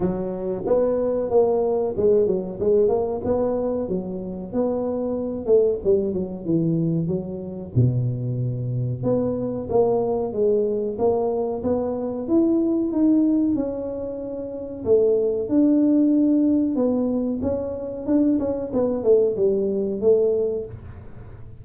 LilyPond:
\new Staff \with { instrumentName = "tuba" } { \time 4/4 \tempo 4 = 93 fis4 b4 ais4 gis8 fis8 | gis8 ais8 b4 fis4 b4~ | b8 a8 g8 fis8 e4 fis4 | b,2 b4 ais4 |
gis4 ais4 b4 e'4 | dis'4 cis'2 a4 | d'2 b4 cis'4 | d'8 cis'8 b8 a8 g4 a4 | }